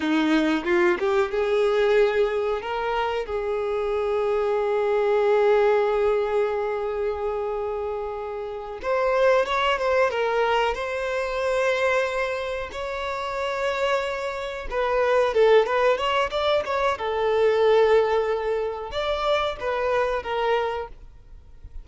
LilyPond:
\new Staff \with { instrumentName = "violin" } { \time 4/4 \tempo 4 = 92 dis'4 f'8 g'8 gis'2 | ais'4 gis'2.~ | gis'1~ | gis'4. c''4 cis''8 c''8 ais'8~ |
ais'8 c''2. cis''8~ | cis''2~ cis''8 b'4 a'8 | b'8 cis''8 d''8 cis''8 a'2~ | a'4 d''4 b'4 ais'4 | }